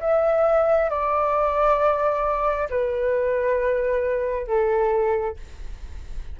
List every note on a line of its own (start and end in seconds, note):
0.00 0.90 E5
0.90 2.69 D5
2.69 4.47 B4
4.47 5.36 A4